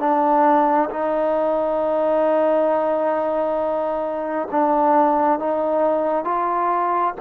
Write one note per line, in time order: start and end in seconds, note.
0.00 0.90 D4
0.91 4.49 D#4
4.51 5.40 D4
5.40 6.25 D#4
6.25 7.14 F4